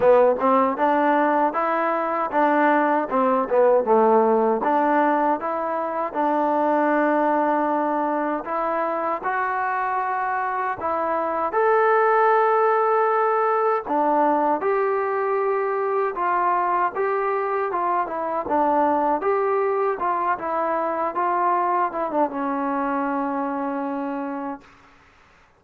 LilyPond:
\new Staff \with { instrumentName = "trombone" } { \time 4/4 \tempo 4 = 78 b8 c'8 d'4 e'4 d'4 | c'8 b8 a4 d'4 e'4 | d'2. e'4 | fis'2 e'4 a'4~ |
a'2 d'4 g'4~ | g'4 f'4 g'4 f'8 e'8 | d'4 g'4 f'8 e'4 f'8~ | f'8 e'16 d'16 cis'2. | }